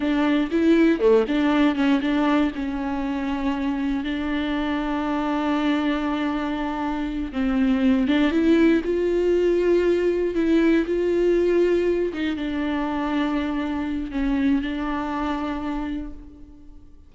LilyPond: \new Staff \with { instrumentName = "viola" } { \time 4/4 \tempo 4 = 119 d'4 e'4 a8 d'4 cis'8 | d'4 cis'2. | d'1~ | d'2~ d'8 c'4. |
d'8 e'4 f'2~ f'8~ | f'8 e'4 f'2~ f'8 | dis'8 d'2.~ d'8 | cis'4 d'2. | }